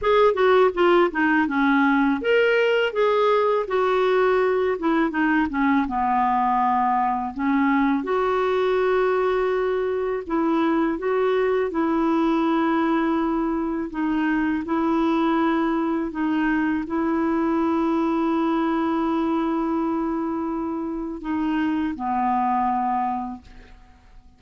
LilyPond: \new Staff \with { instrumentName = "clarinet" } { \time 4/4 \tempo 4 = 82 gis'8 fis'8 f'8 dis'8 cis'4 ais'4 | gis'4 fis'4. e'8 dis'8 cis'8 | b2 cis'4 fis'4~ | fis'2 e'4 fis'4 |
e'2. dis'4 | e'2 dis'4 e'4~ | e'1~ | e'4 dis'4 b2 | }